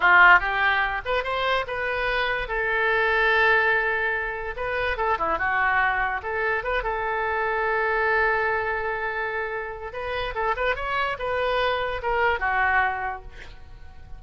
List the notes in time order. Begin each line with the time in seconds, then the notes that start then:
0.00 F4
0.39 G4
1.05 B4
1.23 C5
1.67 B4
2.48 A4
4.56 B4
4.97 A4
5.18 E4
5.38 F#4
6.22 A4
6.63 B4
6.83 A4
9.92 B4
10.34 A4
10.56 B4
10.75 C#5
11.18 B4
12.02 A#4
12.39 F#4